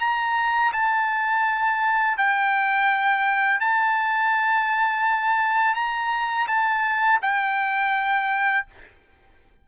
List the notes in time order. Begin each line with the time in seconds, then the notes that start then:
0.00 A#5
0.73 A5
2.18 G5
3.60 A5
5.75 A#5
6.48 A5
7.22 G5